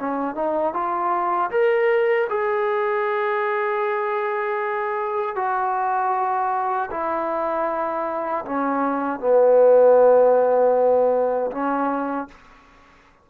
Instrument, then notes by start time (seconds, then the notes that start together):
trombone
0.00 C#4
0.36 D#4
0.74 F4
1.51 A#4
2.29 G#4
5.36 F#4
6.91 E4
8.46 C#4
9.20 B3
11.51 C#4